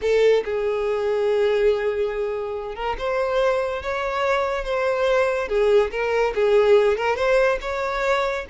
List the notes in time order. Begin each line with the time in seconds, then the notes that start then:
0.01 A4
0.44 G#4
2.75 A#4
2.98 C5
3.82 C#5
4.64 C5
5.48 G#4
5.91 A#4
6.35 G#4
6.97 A#4
7.16 C5
7.61 C#5